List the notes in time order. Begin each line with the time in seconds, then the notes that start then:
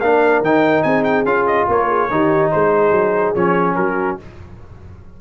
0.00 A#3 D4 A#4 F5
0.41 D#3 D#4 G5
0.82 C4 G#4 G#5
1.03 G5
1.24 C#4 F4 F5
1.46 D#5
1.68 A#3 A#4 C#5
1.88 G#4
2.10 D#3 D#4 G4
2.51 G#3 G#4 C5
2.91 F#3
3.34 F3 C#4 C#5
3.75 F#3 F#4 A#4